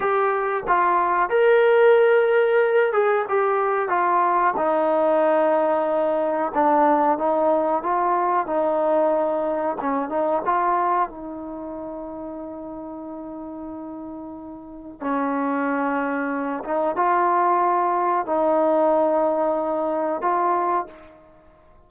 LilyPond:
\new Staff \with { instrumentName = "trombone" } { \time 4/4 \tempo 4 = 92 g'4 f'4 ais'2~ | ais'8 gis'8 g'4 f'4 dis'4~ | dis'2 d'4 dis'4 | f'4 dis'2 cis'8 dis'8 |
f'4 dis'2.~ | dis'2. cis'4~ | cis'4. dis'8 f'2 | dis'2. f'4 | }